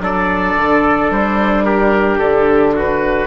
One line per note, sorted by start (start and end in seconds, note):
0.00 0.55 F#3
0.00 3.27 D4
0.00 1.65 A4
0.00 1.11 D5
0.56 1.10 D3
1.10 2.17 G3
1.10 1.64 C5
1.64 2.74 G4
1.64 2.18 A#4
2.17 3.27 D3
2.17 2.73 A4
2.74 3.27 F#4
2.74 3.27 B4